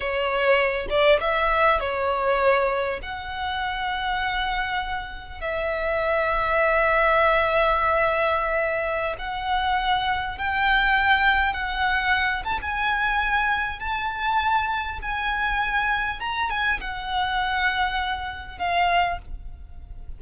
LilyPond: \new Staff \with { instrumentName = "violin" } { \time 4/4 \tempo 4 = 100 cis''4. d''8 e''4 cis''4~ | cis''4 fis''2.~ | fis''4 e''2.~ | e''2.~ e''16 fis''8.~ |
fis''4~ fis''16 g''2 fis''8.~ | fis''8. a''16 gis''2 a''4~ | a''4 gis''2 ais''8 gis''8 | fis''2. f''4 | }